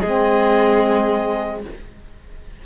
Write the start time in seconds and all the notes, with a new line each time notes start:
0.00 G#3 C4 G#4 D#5